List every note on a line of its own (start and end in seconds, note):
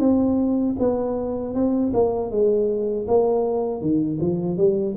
0.00 0.76 C4
0.79 1.55 B3
1.55 1.93 C4
1.94 2.31 A#3
2.31 3.07 G#3
3.08 3.81 A#3
3.81 4.19 D#3
4.21 4.58 F3
4.58 4.96 G3